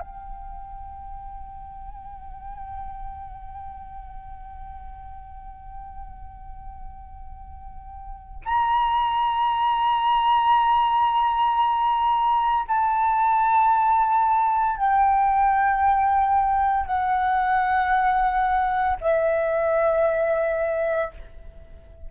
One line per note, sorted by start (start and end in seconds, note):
0.00 8.42 G5
8.45 12.66 A#5
12.68 14.77 A5
14.77 16.86 G5
16.86 18.97 F#5
19.00 21.11 E5